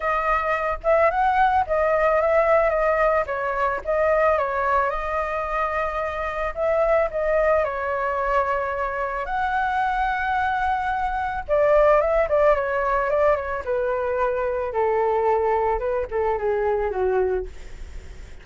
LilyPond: \new Staff \with { instrumentName = "flute" } { \time 4/4 \tempo 4 = 110 dis''4. e''8 fis''4 dis''4 | e''4 dis''4 cis''4 dis''4 | cis''4 dis''2. | e''4 dis''4 cis''2~ |
cis''4 fis''2.~ | fis''4 d''4 e''8 d''8 cis''4 | d''8 cis''8 b'2 a'4~ | a'4 b'8 a'8 gis'4 fis'4 | }